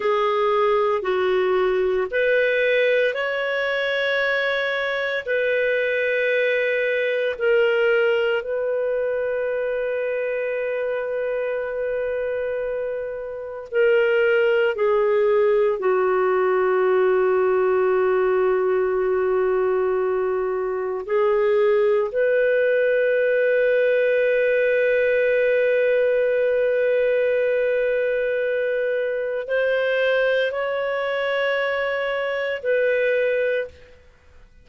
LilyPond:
\new Staff \with { instrumentName = "clarinet" } { \time 4/4 \tempo 4 = 57 gis'4 fis'4 b'4 cis''4~ | cis''4 b'2 ais'4 | b'1~ | b'4 ais'4 gis'4 fis'4~ |
fis'1 | gis'4 b'2.~ | b'1 | c''4 cis''2 b'4 | }